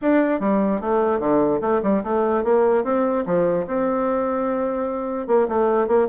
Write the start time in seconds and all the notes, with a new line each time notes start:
0.01 D4
0.40 G3
0.81 A3
1.19 D3
1.61 A3
1.82 G3
2.03 A3
2.44 A#3
2.84 C4
3.25 F3
3.67 C4
5.27 A#3
5.48 A3
5.87 A#3